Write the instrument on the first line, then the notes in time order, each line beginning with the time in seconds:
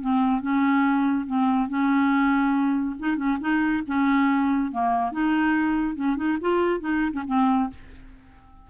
clarinet
0.00 C4
0.41 C#4
1.26 C4
1.68 C#4
2.99 D#4
3.16 C#4
3.40 D#4
3.86 C#4
4.71 A#3
5.12 D#4
5.95 C#4
6.16 D#4
6.41 F4
6.80 D#4
7.12 C#4
7.27 C4